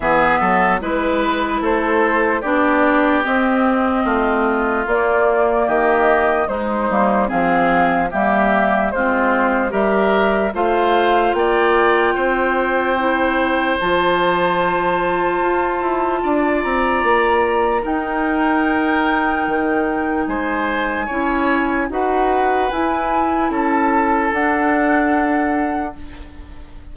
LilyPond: <<
  \new Staff \with { instrumentName = "flute" } { \time 4/4 \tempo 4 = 74 e''4 b'4 c''4 d''4 | dis''2 d''4 dis''4 | c''4 f''4 e''4 c''4 | e''4 f''4 g''2~ |
g''4 a''2.~ | a''8 ais''4. g''2~ | g''4 gis''2 fis''4 | gis''4 a''4 fis''2 | }
  \new Staff \with { instrumentName = "oboe" } { \time 4/4 gis'8 a'8 b'4 a'4 g'4~ | g'4 f'2 g'4 | dis'4 gis'4 g'4 f'4 | ais'4 c''4 d''4 c''4~ |
c''1 | d''2 ais'2~ | ais'4 c''4 cis''4 b'4~ | b'4 a'2. | }
  \new Staff \with { instrumentName = "clarinet" } { \time 4/4 b4 e'2 d'4 | c'2 ais2 | gis8 ais8 c'4 ais4 c'4 | g'4 f'2. |
e'4 f'2.~ | f'2 dis'2~ | dis'2 e'4 fis'4 | e'2 d'2 | }
  \new Staff \with { instrumentName = "bassoon" } { \time 4/4 e8 fis8 gis4 a4 b4 | c'4 a4 ais4 dis4 | gis8 g8 f4 g4 gis4 | g4 a4 ais4 c'4~ |
c'4 f2 f'8 e'8 | d'8 c'8 ais4 dis'2 | dis4 gis4 cis'4 dis'4 | e'4 cis'4 d'2 | }
>>